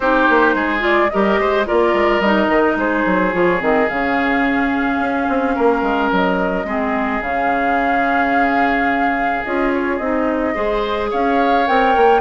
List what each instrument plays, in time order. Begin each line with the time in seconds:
0.00 bassoon C4, clarinet D#4, oboe G4, flute C5
0.29 bassoon A#3
0.54 bassoon G#3, oboe G#4
0.79 clarinet F4, flute D5
1.09 bassoon G3, clarinet G4, oboe A#4, flute D#5
1.39 bassoon G#3, oboe C5
1.65 bassoon A#3, clarinet F4, oboe A#4, flute D5
1.93 bassoon G#3
2.20 bassoon G3, clarinet D#4, flute D#5
2.48 bassoon D#3
2.76 bassoon G#3, oboe G#4, flute C5
3.06 bassoon F#3
3.32 bassoon F3, clarinet F4, flute C#5
3.59 bassoon D#3, clarinet C4, flute D#5
3.89 bassoon C#3, clarinet C#4, flute F5
4.99 bassoon C#4
5.28 bassoon C4
5.55 bassoon A#3, oboe A#4
5.82 bassoon G#3
6.11 bassoon F#3, flute D#5
6.64 bassoon G#3, clarinet C4, oboe G#4
7.21 bassoon C#3, clarinet C#4, flute F5
9.44 bassoon C#4, clarinet F4, flute D#5
9.73 flute C#5
9.97 bassoon C4, clarinet D#4, flute D#5
10.54 bassoon G#3, clarinet G#4, oboe C5
11.10 bassoon C#4, oboe C#5, flute F5
11.66 bassoon C4, clarinet A#4, flute G5
11.96 bassoon A#3